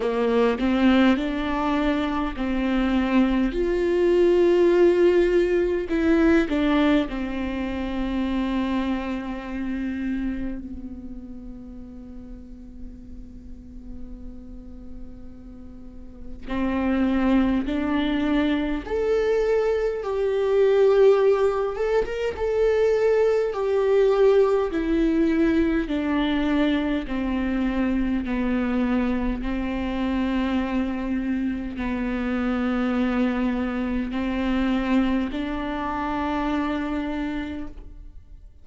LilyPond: \new Staff \with { instrumentName = "viola" } { \time 4/4 \tempo 4 = 51 ais8 c'8 d'4 c'4 f'4~ | f'4 e'8 d'8 c'2~ | c'4 b2.~ | b2 c'4 d'4 |
a'4 g'4. a'16 ais'16 a'4 | g'4 e'4 d'4 c'4 | b4 c'2 b4~ | b4 c'4 d'2 | }